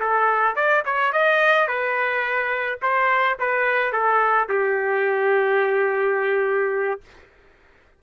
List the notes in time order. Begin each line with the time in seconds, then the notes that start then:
0.00 A4
0.56 D5
0.85 C#5
1.12 D#5
1.67 B4
2.82 C5
3.39 B4
3.92 A4
4.49 G4